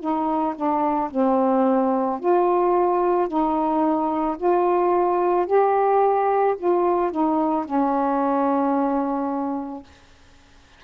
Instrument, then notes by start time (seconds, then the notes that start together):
saxophone
0.00 D#4
0.56 D4
1.11 C4
2.20 F4
3.28 D#4
4.38 F4
5.47 G4
6.58 F4
7.12 D#4
7.66 C#4